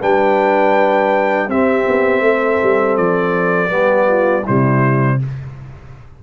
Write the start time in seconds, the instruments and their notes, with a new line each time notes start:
0.00 tuba G3, trombone D4, horn B4, trumpet G5
1.48 tuba C4, trombone C4, horn G4, trumpet E5
1.87 tuba B3
2.20 tuba A3, horn A4
2.62 tuba G3
2.97 tuba F3, trumpet D5
3.69 tuba G3, trombone B3, horn G4
4.08 horn F4
4.43 tuba C3, trombone G3, horn E4, trumpet C5